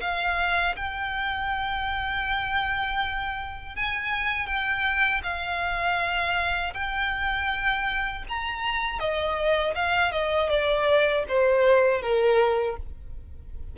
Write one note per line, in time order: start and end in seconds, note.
0.00 0.75 F5
0.76 3.75 G5
3.75 4.46 G#5
4.46 5.21 G5
5.23 6.73 F5
6.73 8.23 G5
8.28 8.99 A#5
8.99 9.74 D#5
9.75 10.11 F5
10.11 10.49 D#5
10.49 11.24 D5
11.28 12.01 C5
12.01 12.76 A#4